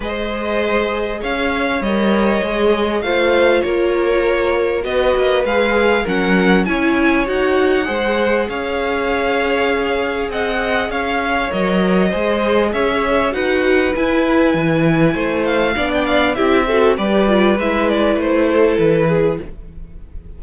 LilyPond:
<<
  \new Staff \with { instrumentName = "violin" } { \time 4/4 \tempo 4 = 99 dis''2 f''4 dis''4~ | dis''4 f''4 cis''2 | dis''4 f''4 fis''4 gis''4 | fis''2 f''2~ |
f''4 fis''4 f''4 dis''4~ | dis''4 e''4 fis''4 gis''4~ | gis''4. f''8. g''16 f''8 e''4 | d''4 e''8 d''8 c''4 b'4 | }
  \new Staff \with { instrumentName = "violin" } { \time 4/4 c''2 cis''2~ | cis''4 c''4 ais'2 | b'2 ais'4 cis''4~ | cis''4 c''4 cis''2~ |
cis''4 dis''4 cis''2 | c''4 cis''4 b'2~ | b'4 c''4 d''4 g'8 a'8 | b'2~ b'8 a'4 gis'8 | }
  \new Staff \with { instrumentName = "viola" } { \time 4/4 gis'2. ais'4 | gis'4 f'2. | fis'4 gis'4 cis'4 e'4 | fis'4 gis'2.~ |
gis'2. ais'4 | gis'2 fis'4 e'4~ | e'2 d'4 e'8 fis'8 | g'8 f'8 e'2. | }
  \new Staff \with { instrumentName = "cello" } { \time 4/4 gis2 cis'4 g4 | gis4 a4 ais2 | b8 ais8 gis4 fis4 cis'4 | dis'4 gis4 cis'2~ |
cis'4 c'4 cis'4 fis4 | gis4 cis'4 dis'4 e'4 | e4 a4 b4 c'4 | g4 gis4 a4 e4 | }
>>